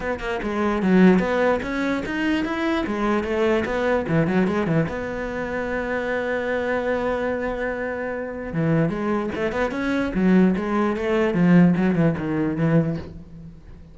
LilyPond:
\new Staff \with { instrumentName = "cello" } { \time 4/4 \tempo 4 = 148 b8 ais8 gis4 fis4 b4 | cis'4 dis'4 e'4 gis4 | a4 b4 e8 fis8 gis8 e8 | b1~ |
b1~ | b4 e4 gis4 a8 b8 | cis'4 fis4 gis4 a4 | f4 fis8 e8 dis4 e4 | }